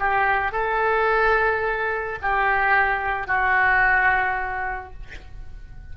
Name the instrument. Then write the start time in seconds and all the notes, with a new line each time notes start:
oboe
0.00 G4
0.53 A4
2.22 G4
3.27 F#4